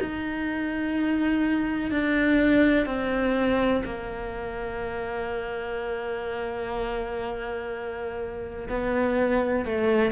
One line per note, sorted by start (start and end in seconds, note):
0.00 1.91 D#4
1.91 2.86 D4
2.86 3.83 C4
3.84 8.68 A#3
8.69 9.65 B3
9.65 10.11 A3